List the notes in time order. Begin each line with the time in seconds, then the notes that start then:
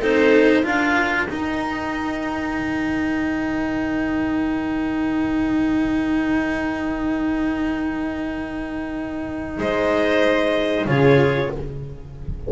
0.00 C4 D#4 A4 C5
0.63 D4 F4 A#4 F5
1.27 D#4 G5
2.59 D#3
9.58 G#3 C5 D#5
10.86 C#3 F4 G#4 C#5